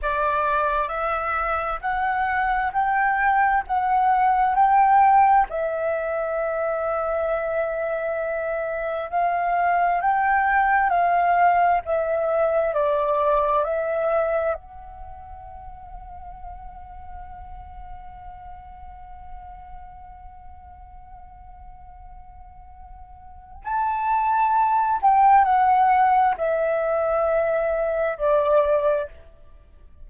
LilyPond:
\new Staff \with { instrumentName = "flute" } { \time 4/4 \tempo 4 = 66 d''4 e''4 fis''4 g''4 | fis''4 g''4 e''2~ | e''2 f''4 g''4 | f''4 e''4 d''4 e''4 |
fis''1~ | fis''1~ | fis''2 a''4. g''8 | fis''4 e''2 d''4 | }